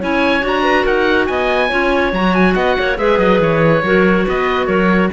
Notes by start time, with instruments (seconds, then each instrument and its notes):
0.00 cello C#4, clarinet E4 C#5, oboe G#5
0.41 cello D4, clarinet F#4
0.48 oboe A#5
0.64 clarinet B4
0.84 cello D#4, clarinet A#4, oboe F#5
1.27 cello B3, clarinet D#5, oboe G#5
1.69 cello C#4, clarinet F4 C#5
2.13 cello F#3, clarinet F#4, oboe A#5
2.35 oboe G#5
2.55 cello B3, clarinet D#5, oboe F#5
2.79 cello A#3, clarinet C#5
2.96 cello G#3, clarinet G#4 B4, oboe E5
3.19 cello F#3, oboe D#5
3.40 cello E3, oboe C#5
3.83 cello F#3, clarinet F#4 A#4
4.26 cello B3, clarinet B4, oboe D#5
4.66 cello F#3, clarinet A#4, oboe C#5